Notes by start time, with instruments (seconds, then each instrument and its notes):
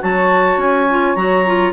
0.00 bassoon F#3, clarinet F#4 A5, saxophone C#5
0.57 bassoon C#4, clarinet G#5
0.90 clarinet F4
1.16 bassoon F#3, clarinet F#4 A#5
1.46 clarinet F4